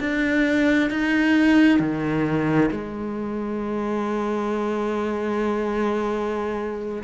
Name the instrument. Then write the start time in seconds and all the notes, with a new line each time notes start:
cello
0.00 D4
0.90 D#4
1.80 D#3
2.71 G#3